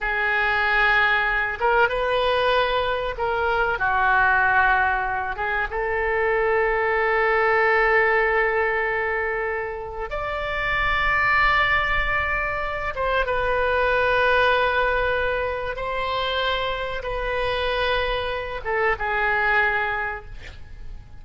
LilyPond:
\new Staff \with { instrumentName = "oboe" } { \time 4/4 \tempo 4 = 95 gis'2~ gis'8 ais'8 b'4~ | b'4 ais'4 fis'2~ | fis'8 gis'8 a'2.~ | a'1 |
d''1~ | d''8 c''8 b'2.~ | b'4 c''2 b'4~ | b'4. a'8 gis'2 | }